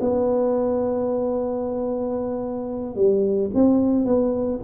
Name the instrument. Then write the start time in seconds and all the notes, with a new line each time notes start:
tuba
0.00 B3
2.95 G3
3.54 C4
4.05 B3